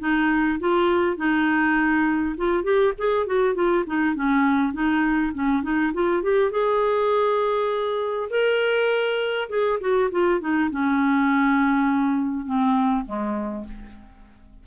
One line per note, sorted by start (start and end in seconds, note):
0.00 0.59 D#4
0.60 1.17 F4
1.17 2.36 D#4
2.38 2.64 F4
2.64 2.94 G4
2.98 3.27 G#4
3.27 3.55 F#4
3.55 3.85 F4
3.87 4.16 D#4
4.16 4.73 C#4
4.73 5.33 D#4
5.34 5.63 C#4
5.63 5.93 D#4
5.94 6.23 F4
6.23 6.52 G4
6.52 8.30 G#4
8.30 9.49 A#4
9.50 9.79 G#4
9.81 10.10 F#4
10.12 10.41 F4
10.41 10.70 D#4
10.71 12.46 C#4
12.46 13.06 C4
13.06 13.65 G#3